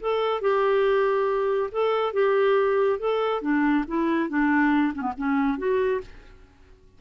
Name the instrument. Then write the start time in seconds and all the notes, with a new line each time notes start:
clarinet
0.00 A4
0.41 G4
1.71 A4
2.13 G4
2.99 A4
3.41 D4
3.87 E4
4.29 D4
4.94 C#4
5.01 B3
5.17 C#4
5.58 F#4